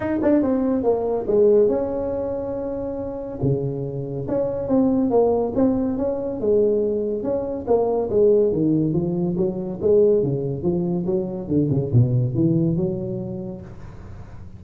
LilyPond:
\new Staff \with { instrumentName = "tuba" } { \time 4/4 \tempo 4 = 141 dis'8 d'8 c'4 ais4 gis4 | cis'1 | cis2 cis'4 c'4 | ais4 c'4 cis'4 gis4~ |
gis4 cis'4 ais4 gis4 | dis4 f4 fis4 gis4 | cis4 f4 fis4 d8 cis8 | b,4 e4 fis2 | }